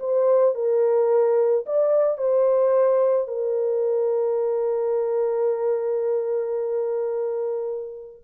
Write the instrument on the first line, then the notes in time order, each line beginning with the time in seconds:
horn
0.00 C5
0.55 A#4
1.66 D5
2.18 C5
3.28 A#4